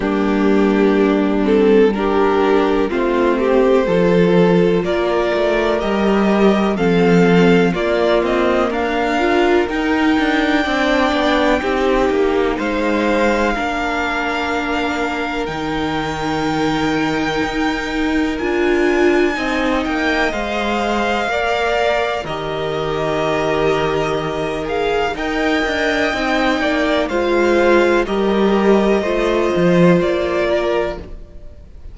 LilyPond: <<
  \new Staff \with { instrumentName = "violin" } { \time 4/4 \tempo 4 = 62 g'4. a'8 ais'4 c''4~ | c''4 d''4 dis''4 f''4 | d''8 dis''8 f''4 g''2~ | g''4 f''2. |
g''2. gis''4~ | gis''8 g''8 f''2 dis''4~ | dis''4. f''8 g''2 | f''4 dis''2 d''4 | }
  \new Staff \with { instrumentName = "violin" } { \time 4/4 d'2 g'4 f'8 g'8 | a'4 ais'2 a'4 | f'4 ais'2 d''4 | g'4 c''4 ais'2~ |
ais'1 | dis''2 d''4 ais'4~ | ais'2 dis''4. d''8 | c''4 ais'4 c''4. ais'8 | }
  \new Staff \with { instrumentName = "viola" } { \time 4/4 ais4. c'8 d'4 c'4 | f'2 g'4 c'4 | ais4. f'8 dis'4 d'4 | dis'2 d'2 |
dis'2. f'4 | dis'4 c''4 ais'4 g'4~ | g'4. gis'8 ais'4 dis'4 | f'4 g'4 f'2 | }
  \new Staff \with { instrumentName = "cello" } { \time 4/4 g2. a4 | f4 ais8 a8 g4 f4 | ais8 c'8 d'4 dis'8 d'8 c'8 b8 | c'8 ais8 gis4 ais2 |
dis2 dis'4 d'4 | c'8 ais8 gis4 ais4 dis4~ | dis2 dis'8 d'8 c'8 ais8 | gis4 g4 a8 f8 ais4 | }
>>